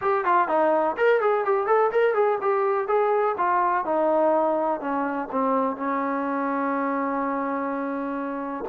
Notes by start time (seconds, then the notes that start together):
0.01 G4
0.24 F4
0.47 D#4
0.97 A#4
1.20 G#4
1.44 G4
1.66 A4
1.91 A#4
2.14 G#4
2.41 G4
2.87 G#4
3.37 F4
3.84 D#4
4.80 C#4
5.31 C4
5.76 C#4